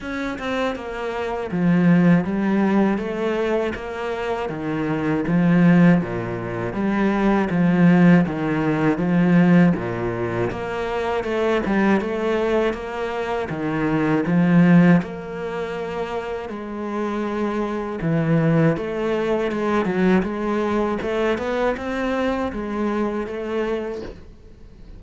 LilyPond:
\new Staff \with { instrumentName = "cello" } { \time 4/4 \tempo 4 = 80 cis'8 c'8 ais4 f4 g4 | a4 ais4 dis4 f4 | ais,4 g4 f4 dis4 | f4 ais,4 ais4 a8 g8 |
a4 ais4 dis4 f4 | ais2 gis2 | e4 a4 gis8 fis8 gis4 | a8 b8 c'4 gis4 a4 | }